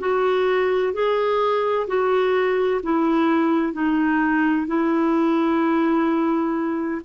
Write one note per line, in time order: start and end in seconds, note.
0.00 0.94 F#4
0.94 1.87 G#4
1.87 2.81 F#4
2.83 3.74 E4
3.74 4.67 D#4
4.67 7.02 E4